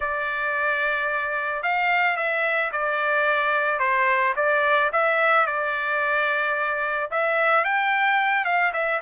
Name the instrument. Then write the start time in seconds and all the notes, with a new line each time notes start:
trumpet
0.00 D5
1.62 F5
2.16 E5
2.71 D5
3.79 C5
4.36 D5
4.92 E5
5.46 D5
7.10 E5
7.64 G5
8.44 F5
8.73 E5